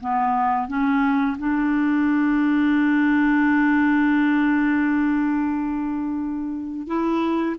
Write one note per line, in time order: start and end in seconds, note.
0.00 0.68 B3
0.68 1.37 C#4
1.38 6.87 D4
6.87 7.55 E4